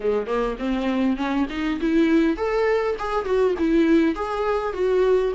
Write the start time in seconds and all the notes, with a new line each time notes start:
0.00 G#3
0.26 A#3
0.58 C4
1.16 C#4
1.49 D#4
1.80 E4
2.36 A4
2.98 G#4
3.25 F#4
3.58 E4
4.15 G#4
4.73 F#4